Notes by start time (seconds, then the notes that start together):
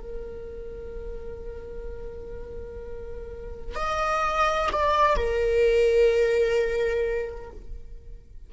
0.00 A#4
3.75 D#5
4.72 D5
5.16 A#4